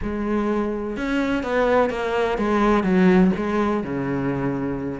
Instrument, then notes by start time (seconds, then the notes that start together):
cello
0.02 G#3
0.96 C#4
1.43 B3
1.90 A#3
2.38 G#3
2.83 F#3
3.36 G#3
3.83 C#3